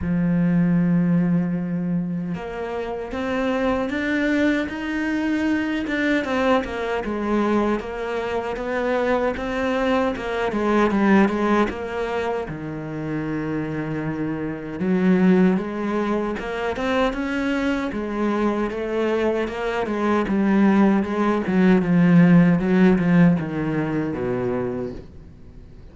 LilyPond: \new Staff \with { instrumentName = "cello" } { \time 4/4 \tempo 4 = 77 f2. ais4 | c'4 d'4 dis'4. d'8 | c'8 ais8 gis4 ais4 b4 | c'4 ais8 gis8 g8 gis8 ais4 |
dis2. fis4 | gis4 ais8 c'8 cis'4 gis4 | a4 ais8 gis8 g4 gis8 fis8 | f4 fis8 f8 dis4 b,4 | }